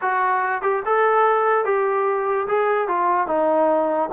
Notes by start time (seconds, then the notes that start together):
0.01 F#4
0.62 G4
0.85 A4
1.65 G4
2.47 G#4
2.88 F4
3.27 D#4